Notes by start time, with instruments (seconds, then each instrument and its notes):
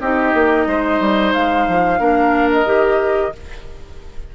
0.00 bassoon C4, clarinet D#4, oboe G4, flute D#5
0.34 bassoon A#3
0.67 bassoon G#3, oboe C5
1.00 bassoon G3
1.33 bassoon G#3, flute F5
1.68 bassoon F3
1.99 bassoon A#3, clarinet D4, oboe A#4
2.52 flute D#5
2.65 bassoon D#3, clarinet G4